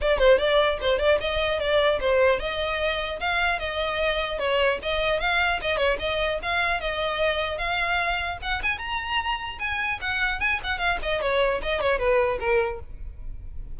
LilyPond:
\new Staff \with { instrumentName = "violin" } { \time 4/4 \tempo 4 = 150 d''8 c''8 d''4 c''8 d''8 dis''4 | d''4 c''4 dis''2 | f''4 dis''2 cis''4 | dis''4 f''4 dis''8 cis''8 dis''4 |
f''4 dis''2 f''4~ | f''4 fis''8 gis''8 ais''2 | gis''4 fis''4 gis''8 fis''8 f''8 dis''8 | cis''4 dis''8 cis''8 b'4 ais'4 | }